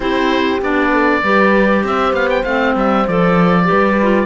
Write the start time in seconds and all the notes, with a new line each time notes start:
0.00 C4 E4 G4 C5
0.61 B3 D4 D5
0.92 A4
1.22 G3 G4 B4
1.83 C4 C5 E5
2.12 B3 F5
2.29 G5
2.43 A3 C4 F5
2.75 G3 E5
3.07 F3 A4 D5
3.64 G4 B4
3.71 G3
4.01 F4